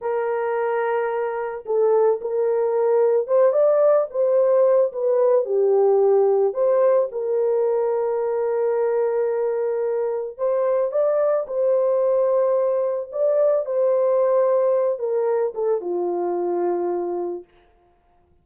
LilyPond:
\new Staff \with { instrumentName = "horn" } { \time 4/4 \tempo 4 = 110 ais'2. a'4 | ais'2 c''8 d''4 c''8~ | c''4 b'4 g'2 | c''4 ais'2.~ |
ais'2. c''4 | d''4 c''2. | d''4 c''2~ c''8 ais'8~ | ais'8 a'8 f'2. | }